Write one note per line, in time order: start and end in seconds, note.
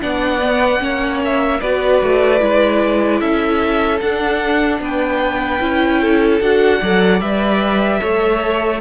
0.00 0.80 B3
0.00 0.40 D4
0.00 0.82 D5
0.00 1.21 F#5
0.43 0.79 B3
0.79 1.60 A#3
0.79 1.59 C#4
0.79 1.60 C#5
1.25 1.60 E5
1.60 2.02 B3
1.60 2.39 F#4
1.60 3.20 B4
1.60 3.20 D5
2.03 2.41 A3
2.39 3.21 G#3
2.39 3.99 E4
3.20 4.01 C#4
3.20 4.80 A4
3.20 4.00 E5
4.00 4.79 D4
4.00 5.60 D4
4.00 4.80 F#5
4.79 5.59 B3
4.79 6.01 B4
4.79 6.41 G5
5.60 6.41 C#4
5.60 6.40 E4
6.01 6.80 A4
6.41 6.81 D4
6.41 6.81 F#4
6.41 7.21 F#5
6.80 7.20 F#3
6.80 7.21 A4
6.80 8.00 D5
7.20 8.00 G3
7.20 7.99 B4
7.20 8.81 E5
7.99 8.81 A3
7.99 8.79 A4
7.99 8.80 C#5